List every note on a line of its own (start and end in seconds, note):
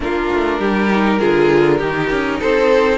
0.00 0.29 A#3
0.00 0.89 D4
0.00 0.59 F4
0.00 2.40 A#4
0.32 0.59 A3
0.59 1.19 G3
0.59 1.19 G4
0.89 1.19 D#4
1.19 1.82 D3
1.19 1.78 F4
1.19 1.77 G#4
1.77 2.10 D#3
1.77 2.98 D#4
1.77 2.37 G4
2.10 2.40 C#4
2.40 2.98 C4
2.40 2.98 A4
2.40 2.98 C5